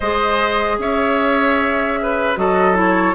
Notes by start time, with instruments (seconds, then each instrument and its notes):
0.00 bassoon G#3, clarinet G#4, oboe C5, flute D#5
0.78 bassoon C#4, oboe C#5, flute E5
2.02 oboe B4
2.36 bassoon F#3, clarinet F#4, oboe A4, flute D#5
2.74 clarinet E4, flute C#5